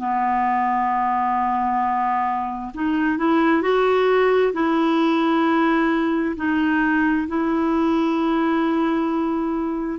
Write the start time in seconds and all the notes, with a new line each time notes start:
0.00 B3
2.75 D#4
3.18 E4
3.62 F#4
4.54 E4
6.37 D#4
7.28 E4